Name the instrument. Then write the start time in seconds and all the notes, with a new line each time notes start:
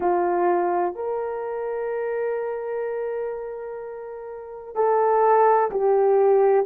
horn
0.00 F4
0.94 A#4
4.74 A4
5.71 G4